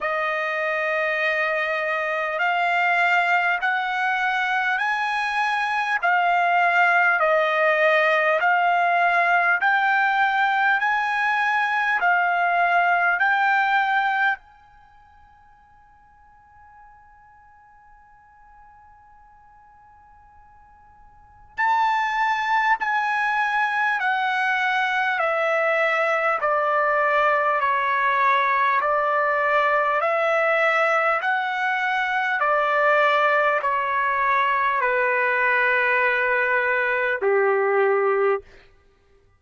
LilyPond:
\new Staff \with { instrumentName = "trumpet" } { \time 4/4 \tempo 4 = 50 dis''2 f''4 fis''4 | gis''4 f''4 dis''4 f''4 | g''4 gis''4 f''4 g''4 | gis''1~ |
gis''2 a''4 gis''4 | fis''4 e''4 d''4 cis''4 | d''4 e''4 fis''4 d''4 | cis''4 b'2 g'4 | }